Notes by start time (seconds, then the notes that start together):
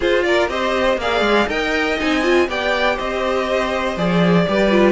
0.00 F4 G#4 C5
0.23 A#4 D5
0.48 C4 G4 C5 D#5
0.97 A#3 G#4 D5 F5
1.20 G#3
1.47 D#4 A#4 D#5 G5
1.98 C4 D#4 G#5
2.22 F4
2.48 B3 G4 D5 G5
2.95 C4 C5 D#5
3.96 F3 G#4 D5
4.47 G3 G4 B4
4.70 F4